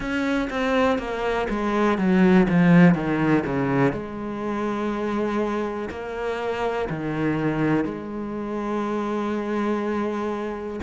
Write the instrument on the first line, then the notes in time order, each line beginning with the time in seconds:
cello
0.00 C#4
0.50 C4
0.98 A#3
1.49 G#3
1.98 F#3
2.49 F3
2.94 D#3
3.46 C#3
3.92 G#3
5.90 A#3
6.89 D#3
7.84 G#3